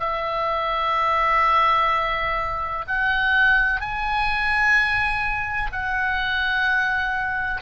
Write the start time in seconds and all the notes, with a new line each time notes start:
0.00 E5
2.88 F#5
3.81 G#5
5.72 F#5